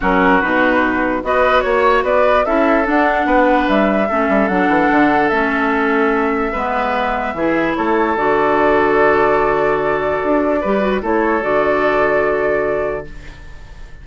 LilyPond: <<
  \new Staff \with { instrumentName = "flute" } { \time 4/4 \tempo 4 = 147 ais'4 b'2 dis''4 | cis''4 d''4 e''4 fis''4~ | fis''4 e''2 fis''4~ | fis''4 e''2.~ |
e''2. cis''4 | d''1~ | d''2. cis''4 | d''1 | }
  \new Staff \with { instrumentName = "oboe" } { \time 4/4 fis'2. b'4 | cis''4 b'4 a'2 | b'2 a'2~ | a'1 |
b'2 gis'4 a'4~ | a'1~ | a'2 b'4 a'4~ | a'1 | }
  \new Staff \with { instrumentName = "clarinet" } { \time 4/4 cis'4 dis'2 fis'4~ | fis'2 e'4 d'4~ | d'2 cis'4 d'4~ | d'4 cis'2. |
b2 e'2 | fis'1~ | fis'2 g'8 fis'8 e'4 | fis'1 | }
  \new Staff \with { instrumentName = "bassoon" } { \time 4/4 fis4 b,2 b4 | ais4 b4 cis'4 d'4 | b4 g4 a8 g8 fis8 e8 | d4 a2. |
gis2 e4 a4 | d1~ | d4 d'4 g4 a4 | d1 | }
>>